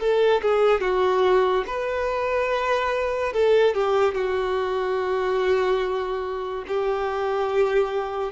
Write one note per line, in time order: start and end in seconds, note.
0.00 0.42 A4
0.42 0.81 G#4
0.81 1.65 F#4
1.67 3.33 B4
3.33 3.75 A4
3.75 4.15 G4
4.15 6.65 F#4
6.68 8.33 G4